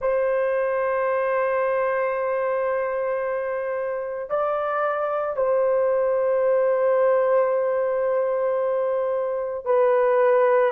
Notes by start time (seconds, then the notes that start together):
0.01 C5
4.29 D5
5.36 C5
9.65 B4